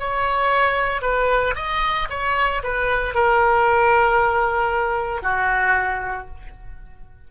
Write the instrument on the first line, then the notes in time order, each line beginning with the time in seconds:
oboe
0.00 C#5
1.02 B4
1.56 D#5
2.10 C#5
2.63 B4
3.15 A#4
5.23 F#4